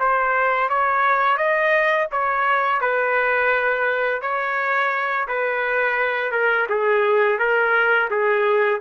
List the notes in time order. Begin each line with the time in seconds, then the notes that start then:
0.00 C5
0.69 C#5
1.38 D#5
2.12 C#5
2.81 B4
4.22 C#5
5.28 B4
6.32 A#4
6.69 G#4
7.39 A#4
8.10 G#4